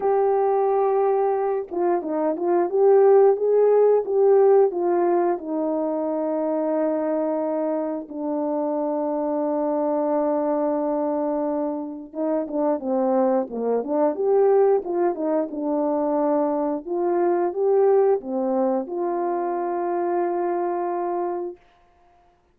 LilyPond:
\new Staff \with { instrumentName = "horn" } { \time 4/4 \tempo 4 = 89 g'2~ g'8 f'8 dis'8 f'8 | g'4 gis'4 g'4 f'4 | dis'1 | d'1~ |
d'2 dis'8 d'8 c'4 | ais8 d'8 g'4 f'8 dis'8 d'4~ | d'4 f'4 g'4 c'4 | f'1 | }